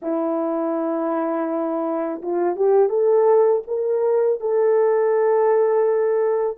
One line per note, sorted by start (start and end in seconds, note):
0.02 2.21 E4
2.22 2.56 F4
2.56 2.89 G4
2.89 3.62 A4
3.67 4.40 A#4
4.40 6.57 A4